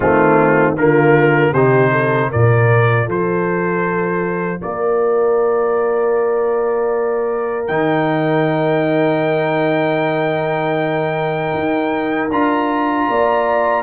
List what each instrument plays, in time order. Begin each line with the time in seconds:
0.00 tuba D#3, trombone A3, horn C4, trumpet F4
0.76 tuba D3, trombone A#3, horn F4, trumpet A#4
1.51 tuba C3, trombone D#4, horn G4, trumpet C5
1.91 horn A4
2.29 tuba A#2, trombone F4, horn A#4, trumpet D5
3.05 tuba F3, horn A4, trumpet C5
4.61 tuba A#3, horn A#4, trumpet D5
7.67 tuba D#3, trombone D#4, trumpet G5
11.53 tuba D#4
12.30 tuba D4, trombone F4, trumpet A#5
13.09 tuba A#3, horn D5